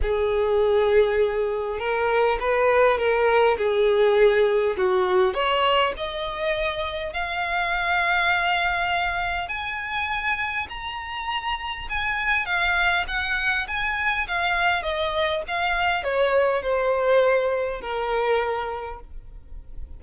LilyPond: \new Staff \with { instrumentName = "violin" } { \time 4/4 \tempo 4 = 101 gis'2. ais'4 | b'4 ais'4 gis'2 | fis'4 cis''4 dis''2 | f''1 |
gis''2 ais''2 | gis''4 f''4 fis''4 gis''4 | f''4 dis''4 f''4 cis''4 | c''2 ais'2 | }